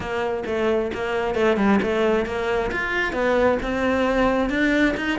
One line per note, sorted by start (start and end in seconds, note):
0.00 0.43 A#3
0.46 0.91 A3
0.94 1.34 A#3
1.34 1.56 A3
1.56 1.79 G3
1.82 2.25 A3
2.25 2.70 A#3
2.71 3.13 F4
3.13 3.58 B3
3.62 4.49 C4
4.49 4.94 D4
4.96 5.19 D#4